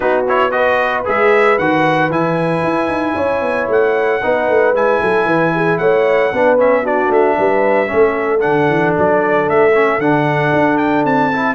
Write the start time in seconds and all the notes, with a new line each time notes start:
0.00 B3 D#4 F#4 B4
0.28 E4 C#5
0.51 F#4 B4 D#5
1.04 G#3 G#4 E5
1.58 D#3 F#4 F#5
2.09 E3 E4 G#5
2.63 E4
2.87 D#4
3.15 C#4 C#5
3.41 B3
3.68 A3 F#5
4.22 B3 D#4 B4
4.48 A3
4.73 G#3 E4 G#5
5.01 F#3 A4
5.25 E3 B4
5.54 G#4
5.78 A3 C#5 F#5
6.32 B3 D4 B4
6.57 C#4 E5
6.82 D4 F#4 D5
7.09 A3 E5
7.38 G3 B4
7.86 A3 C#4 A4
8.39 D3 D4 F#5
8.69 E3
8.97 F#3 D5
9.49 A3 E5
9.74 C#4
9.98 D3 D4 F#5
10.52 D4
10.77 G5
11.04 C4 A5
11.33 E4